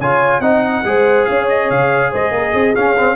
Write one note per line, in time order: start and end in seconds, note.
0.00 0.40 C#3
0.00 0.42 F4
0.00 0.42 C#5
0.00 0.41 G#5
0.40 0.82 C4
0.40 0.84 D#4
0.40 0.84 D#5
0.40 1.25 F#5
0.84 1.26 G#3
0.84 2.75 G#4
0.84 1.29 C5
1.25 1.70 C#4
1.25 2.11 C#5
1.25 1.46 F5
1.49 1.70 D#5
1.70 2.12 C#3
1.70 2.12 F5
2.11 2.31 G#3
2.11 2.32 C5
2.11 2.75 D#5
2.31 2.52 A#3
2.31 2.52 A#4
2.52 2.75 C4
2.52 3.16 G#4
2.75 2.96 C#4
2.75 3.16 C#4
2.75 3.16 F5
2.98 3.16 C4